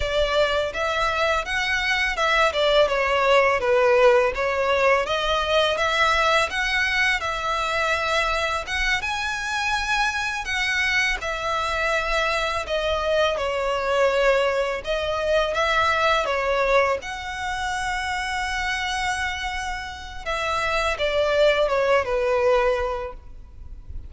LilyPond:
\new Staff \with { instrumentName = "violin" } { \time 4/4 \tempo 4 = 83 d''4 e''4 fis''4 e''8 d''8 | cis''4 b'4 cis''4 dis''4 | e''4 fis''4 e''2 | fis''8 gis''2 fis''4 e''8~ |
e''4. dis''4 cis''4.~ | cis''8 dis''4 e''4 cis''4 fis''8~ | fis''1 | e''4 d''4 cis''8 b'4. | }